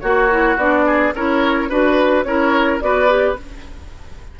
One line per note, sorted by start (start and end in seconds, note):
0.00 0.57 A#3
0.00 0.85 F#4
0.00 0.30 F#4
0.00 0.56 C#5
0.30 0.58 E4
0.57 1.12 B3
0.57 1.14 D4
0.57 1.14 D5
0.86 1.14 G#4
1.15 1.70 C#4
1.15 1.69 E4
1.15 1.69 A#4
1.15 1.71 C#5
1.69 2.25 D4
1.69 2.25 F#4
1.69 2.25 B4
1.69 2.23 B4
2.23 2.80 C#4
2.23 2.81 E4
2.23 2.83 A#4
2.23 2.79 C#5
2.80 3.37 B3
2.80 3.08 F#4
2.80 3.40 B4
2.80 3.36 D5
3.08 3.36 G4